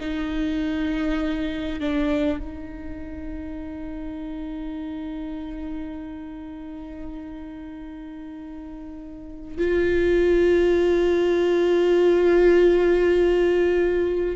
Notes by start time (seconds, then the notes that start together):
0.00 D#4
1.80 D4
2.39 D#4
9.58 F4